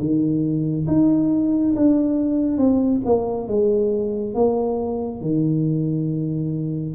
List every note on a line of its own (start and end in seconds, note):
0.00 0.87 D#3
0.88 1.75 D#4
1.76 2.58 D4
2.58 3.02 C4
3.06 3.48 A#3
3.48 4.35 G#3
4.35 5.22 A#3
5.22 6.96 D#3